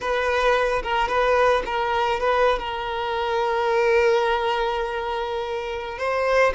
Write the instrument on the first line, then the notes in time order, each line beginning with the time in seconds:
violin
0.00 B4
0.82 A#4
1.08 B4
1.65 A#4
2.20 B4
2.58 A#4
5.98 C5